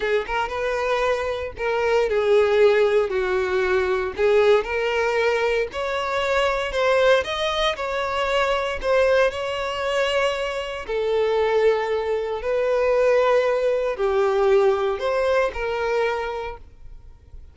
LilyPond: \new Staff \with { instrumentName = "violin" } { \time 4/4 \tempo 4 = 116 gis'8 ais'8 b'2 ais'4 | gis'2 fis'2 | gis'4 ais'2 cis''4~ | cis''4 c''4 dis''4 cis''4~ |
cis''4 c''4 cis''2~ | cis''4 a'2. | b'2. g'4~ | g'4 c''4 ais'2 | }